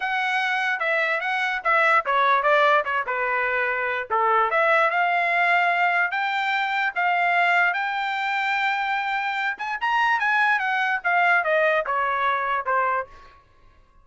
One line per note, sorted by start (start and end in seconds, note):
0.00 0.79 F#5
0.79 1.20 E5
1.20 1.61 F#5
1.63 2.04 E5
2.05 2.42 C#5
2.42 2.83 D5
2.84 3.05 C#5
3.06 4.08 B4
4.10 4.50 A4
4.50 4.90 E5
4.90 6.11 F5
6.11 6.92 G5
6.95 7.73 F5
7.73 9.57 G5
9.58 9.78 G#5
9.81 10.19 A#5
10.19 10.59 G#5
10.59 11.00 F#5
11.03 11.44 F5
11.44 11.85 D#5
11.86 12.65 C#5
12.65 13.06 C5